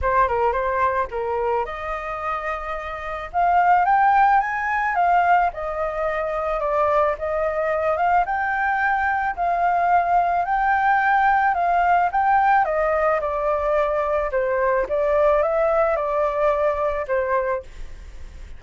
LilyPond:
\new Staff \with { instrumentName = "flute" } { \time 4/4 \tempo 4 = 109 c''8 ais'8 c''4 ais'4 dis''4~ | dis''2 f''4 g''4 | gis''4 f''4 dis''2 | d''4 dis''4. f''8 g''4~ |
g''4 f''2 g''4~ | g''4 f''4 g''4 dis''4 | d''2 c''4 d''4 | e''4 d''2 c''4 | }